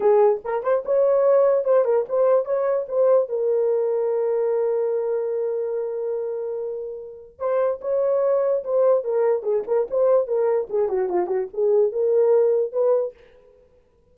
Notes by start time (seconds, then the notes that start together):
0.00 G#4
0.44 A#4
0.63 C5
0.85 C#5
1.64 C5
1.85 A#4
2.08 C5
2.45 C#5
2.88 C5
3.28 A#4
7.39 C5
7.81 C#5
8.64 C5
9.04 A#4
9.42 G#4
9.67 A#4
9.90 C5
10.27 A#4
10.69 G#4
10.88 F#4
11.09 F4
11.27 F#4
11.53 G#4
11.91 A#4
12.72 B4